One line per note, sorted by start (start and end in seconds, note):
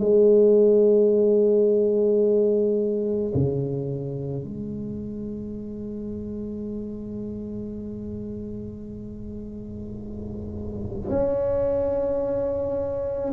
0.00 3.33 G#3
3.35 4.44 C#3
4.44 11.10 G#3
11.10 13.32 C#4